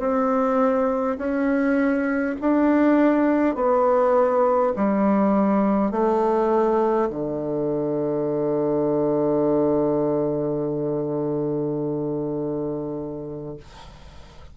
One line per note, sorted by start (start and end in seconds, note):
0.00 1.18 C4
1.19 2.36 C#4
2.41 3.56 D4
3.56 4.73 B3
4.76 5.92 G3
5.92 7.10 A3
7.10 13.57 D3